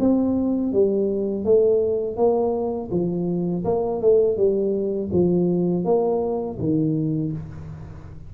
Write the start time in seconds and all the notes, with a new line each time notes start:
0.00 C4
0.73 G3
1.45 A3
2.17 A#3
2.91 F3
3.65 A#3
4.02 A3
4.38 G3
5.13 F3
5.85 A#3
6.60 D#3